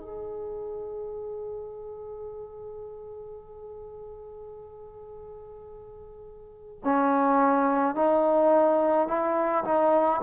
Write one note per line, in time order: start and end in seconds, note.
0.00 6.79 G#4
6.84 7.96 C#4
7.96 9.08 D#4
9.08 9.64 E4
9.65 10.21 D#4